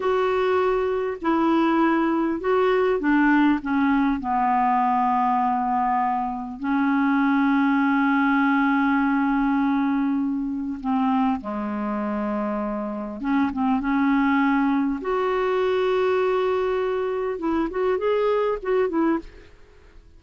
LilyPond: \new Staff \with { instrumentName = "clarinet" } { \time 4/4 \tempo 4 = 100 fis'2 e'2 | fis'4 d'4 cis'4 b4~ | b2. cis'4~ | cis'1~ |
cis'2 c'4 gis4~ | gis2 cis'8 c'8 cis'4~ | cis'4 fis'2.~ | fis'4 e'8 fis'8 gis'4 fis'8 e'8 | }